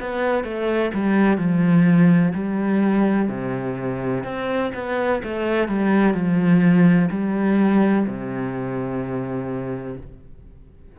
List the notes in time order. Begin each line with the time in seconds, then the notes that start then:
0.00 B3
0.44 A3
0.94 G3
1.38 F3
2.35 G3
3.29 C3
4.24 C4
4.74 B3
5.24 A3
5.68 G3
6.14 F3
7.11 G3
8.07 C3